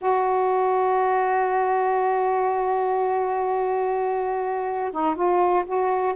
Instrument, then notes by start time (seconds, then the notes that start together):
saxophone
0.01 F#4
4.91 D#4
5.15 F4
5.65 F#4